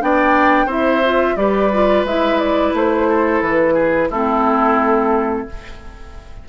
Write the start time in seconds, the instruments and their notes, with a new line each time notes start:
0.00 bassoon B3, clarinet D4, oboe D5, flute G5
0.66 bassoon C4, clarinet E4, oboe C5, flute E5
1.05 clarinet F4
1.36 bassoon G3, clarinet G4, oboe B4, flute D5
1.73 clarinet F4
2.04 bassoon G#3, clarinet E4, flute E5
2.39 flute D5
2.73 bassoon A3, flute C5
3.09 oboe A4
3.41 bassoon E3, flute B4
3.74 oboe G#4
4.10 bassoon A3, clarinet C4, oboe E4, flute A4